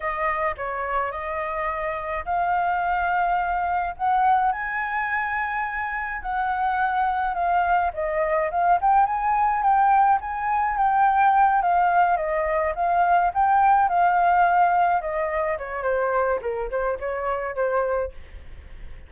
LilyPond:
\new Staff \with { instrumentName = "flute" } { \time 4/4 \tempo 4 = 106 dis''4 cis''4 dis''2 | f''2. fis''4 | gis''2. fis''4~ | fis''4 f''4 dis''4 f''8 g''8 |
gis''4 g''4 gis''4 g''4~ | g''8 f''4 dis''4 f''4 g''8~ | g''8 f''2 dis''4 cis''8 | c''4 ais'8 c''8 cis''4 c''4 | }